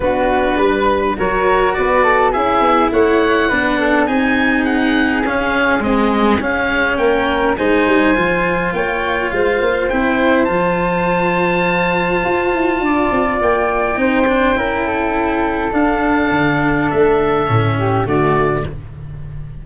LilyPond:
<<
  \new Staff \with { instrumentName = "oboe" } { \time 4/4 \tempo 4 = 103 b'2 cis''4 d''4 | e''4 fis''2 gis''4 | fis''4 f''4 dis''4 f''4 | g''4 gis''2 g''4 |
f''4 g''4 a''2~ | a''2. g''4~ | g''2. f''4~ | f''4 e''2 d''4 | }
  \new Staff \with { instrumentName = "flute" } { \time 4/4 fis'4 b'4 ais'4 b'8 a'8 | gis'4 cis''4 b'8 a'8 gis'4~ | gis'1 | ais'4 c''2 cis''4 |
c''1~ | c''2 d''2 | c''4 ais'8 a'2~ a'8~ | a'2~ a'8 g'8 fis'4 | }
  \new Staff \with { instrumentName = "cello" } { \time 4/4 d'2 fis'2 | e'2 d'4 dis'4~ | dis'4 cis'4 gis4 cis'4~ | cis'4 dis'4 f'2~ |
f'4 e'4 f'2~ | f'1 | dis'8 d'8 e'2 d'4~ | d'2 cis'4 a4 | }
  \new Staff \with { instrumentName = "tuba" } { \time 4/4 b4 g4 fis4 b4 | cis'8 b8 a4 b4 c'4~ | c'4 cis'4 c'4 cis'4 | ais4 gis8 g8 f4 ais4 |
gis8 ais8 c'4 f2~ | f4 f'8 e'8 d'8 c'8 ais4 | c'4 cis'2 d'4 | d4 a4 a,4 d4 | }
>>